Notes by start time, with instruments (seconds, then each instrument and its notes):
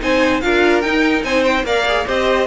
0.00 cello C4, viola D#4, violin C5 G#5
0.41 cello D4, viola F4, violin A#4 F5
0.81 cello D#4, viola D#4, violin G5
1.24 cello C4, violin C5 G#5
1.45 violin G5
1.64 cello A#3, viola A#4, violin D5 F5
1.88 viola G#4
2.07 cello C4, viola G4, violin C5 D#5